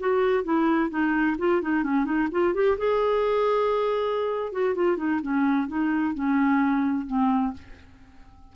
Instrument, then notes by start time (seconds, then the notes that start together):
clarinet
0.00 F#4
0.44 E4
0.90 D#4
1.39 F4
1.62 D#4
1.84 C#4
2.05 D#4
2.32 F4
2.55 G4
2.78 G#4
4.52 F#4
4.75 F4
4.97 D#4
5.22 C#4
5.68 D#4
6.15 C#4
7.07 C4